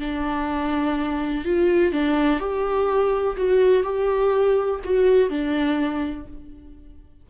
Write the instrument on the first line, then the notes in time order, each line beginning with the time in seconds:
viola
0.00 D4
1.45 F4
1.93 D4
2.40 G4
3.37 F#4
3.84 G4
4.85 F#4
5.30 D4